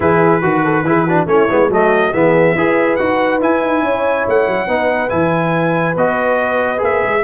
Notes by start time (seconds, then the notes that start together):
0.00 E3 E4 G#4 B4
0.42 D#3 F#4
0.63 A4
0.83 E3 E4 G#4
1.05 D4 F#4
1.26 A3 C#4 E4 C#5
1.48 G#3 B3
1.69 F#3 A3 F#4 D#5
2.13 E3 B3 G#4 E5
2.55 E4 G#4 B4
2.96 D#4 F#4 F#5
3.40 E4 G#5
3.61 D#4
3.81 C#4 C#5
4.27 A3 F#5
4.47 F#3
4.67 B3 D#4 B4
5.09 E3 E4 G#5
5.96 B3 F#4 D#5
6.77 A#3 G#4 E5
7.03 G#3